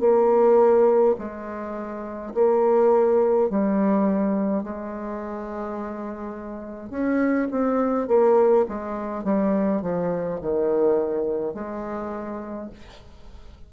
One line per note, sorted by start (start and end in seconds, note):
0.00 1.15 A#3
1.19 2.34 G#3
2.34 3.50 A#3
3.50 4.63 G3
4.63 6.90 G#3
6.90 7.48 C#4
7.51 8.08 C4
8.08 8.65 A#3
8.69 9.24 G#3
9.24 9.82 G3
9.82 10.40 F3
10.41 11.54 D#3
11.54 12.70 G#3